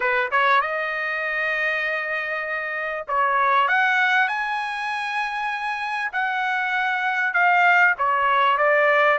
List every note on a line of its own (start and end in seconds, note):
0.00 0.29 B4
0.31 0.61 C#5
0.61 3.06 D#5
3.07 3.68 C#5
3.68 4.27 F#5
4.27 6.11 G#5
6.12 7.33 F#5
7.33 7.94 F5
7.98 8.57 C#5
8.57 9.18 D5